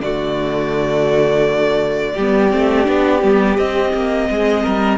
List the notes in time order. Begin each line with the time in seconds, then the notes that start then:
0.00 D3 A3 F#4 D5
2.14 G3 G4
2.20 B3
2.51 A3 C4
2.84 B3 D4
3.22 G3 B3
3.57 C4 D#5
3.94 A#3
4.30 G#3 G#4
4.63 G3 A#4